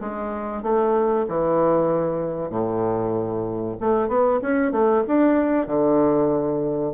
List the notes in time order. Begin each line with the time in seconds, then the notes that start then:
0.00 G#3
0.63 A3
1.28 E3
2.50 A2
3.80 A3
4.08 B3
4.42 C#4
4.72 A3
5.07 D4
5.67 D3